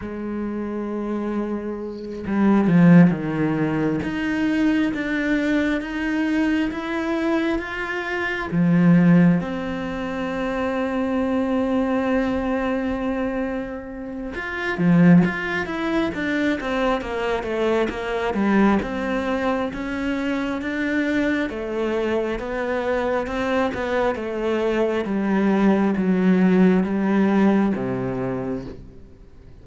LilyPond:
\new Staff \with { instrumentName = "cello" } { \time 4/4 \tempo 4 = 67 gis2~ gis8 g8 f8 dis8~ | dis8 dis'4 d'4 dis'4 e'8~ | e'8 f'4 f4 c'4.~ | c'1 |
f'8 f8 f'8 e'8 d'8 c'8 ais8 a8 | ais8 g8 c'4 cis'4 d'4 | a4 b4 c'8 b8 a4 | g4 fis4 g4 c4 | }